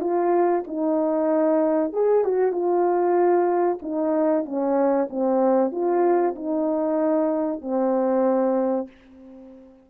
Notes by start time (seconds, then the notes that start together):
0.00 F4
0.67 D#4
1.93 G#4
2.24 F#4
2.52 F4
3.82 D#4
4.45 C#4
5.10 C4
5.71 F4
6.35 D#4
7.61 C4